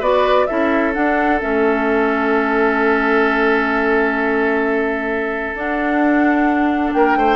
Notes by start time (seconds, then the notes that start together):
0.00 B3 F#4 B4 D5
0.47 C#4 E4 A4 E5
0.94 D4 F#5
1.40 A3 C#4 E5
5.55 D4 F#5
6.94 A#3 A#4 G5
7.16 A3 C5